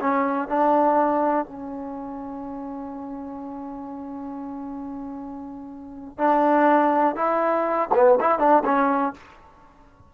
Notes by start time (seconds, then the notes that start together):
0.00 C#4
0.48 D4
1.45 C#4
6.18 D4
7.15 E4
7.94 B3
8.20 E4
8.39 D4
8.65 C#4